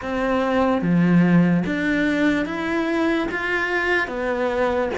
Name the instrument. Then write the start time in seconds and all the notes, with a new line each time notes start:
cello
0.02 C4
0.81 F3
1.66 D4
2.45 E4
3.31 F4
4.07 B3